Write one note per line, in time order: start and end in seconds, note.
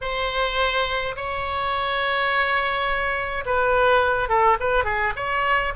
0.01 1.15 C5
1.16 3.44 C#5
3.45 4.28 B4
4.28 4.57 A4
4.59 4.84 B4
4.84 5.13 G#4
5.16 5.73 C#5